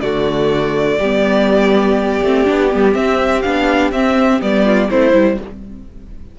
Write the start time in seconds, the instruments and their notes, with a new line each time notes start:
0.00 cello D3, viola A3, violin F#4 D5
0.98 cello G3, viola B3, violin G4
2.22 cello A3, viola C4
2.44 cello B3, viola D4
2.71 cello G3, viola B3
2.92 viola C4, cello C4, violin E5
3.41 cello B3, viola D4, violin F5
3.91 cello C4, viola C4, violin E5
4.40 cello G3, viola B3, violin D5
4.64 violin F4
4.89 cello A3, viola C4, violin E4 C5
5.13 cello G3, viola E4